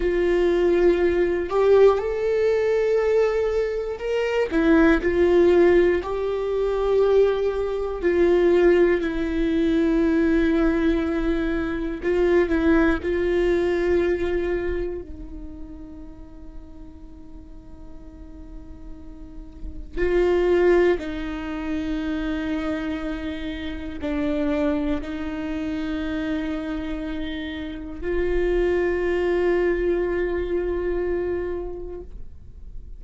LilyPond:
\new Staff \with { instrumentName = "viola" } { \time 4/4 \tempo 4 = 60 f'4. g'8 a'2 | ais'8 e'8 f'4 g'2 | f'4 e'2. | f'8 e'8 f'2 dis'4~ |
dis'1 | f'4 dis'2. | d'4 dis'2. | f'1 | }